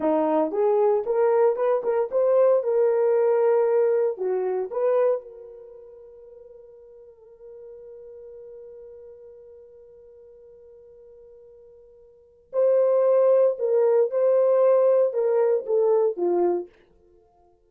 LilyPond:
\new Staff \with { instrumentName = "horn" } { \time 4/4 \tempo 4 = 115 dis'4 gis'4 ais'4 b'8 ais'8 | c''4 ais'2. | fis'4 b'4 ais'2~ | ais'1~ |
ais'1~ | ais'1 | c''2 ais'4 c''4~ | c''4 ais'4 a'4 f'4 | }